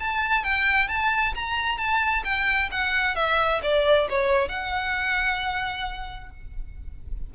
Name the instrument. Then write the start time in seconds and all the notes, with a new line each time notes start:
violin
0.00 A5
0.44 G5
0.88 A5
1.35 A#5
1.78 A5
2.24 G5
2.71 F#5
3.15 E5
3.63 D5
4.10 C#5
4.49 F#5